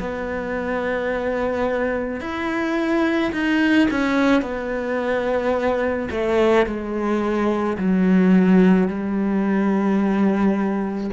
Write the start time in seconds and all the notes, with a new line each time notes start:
0.00 B3
2.21 E4
3.32 D#4
3.91 C#4
4.42 B3
6.11 A3
6.66 G#3
7.78 F#3
8.88 G3